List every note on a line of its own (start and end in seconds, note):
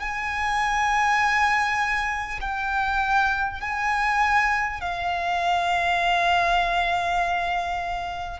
0.00 2.40 G#5
2.41 3.61 G5
3.61 4.81 G#5
4.81 8.40 F5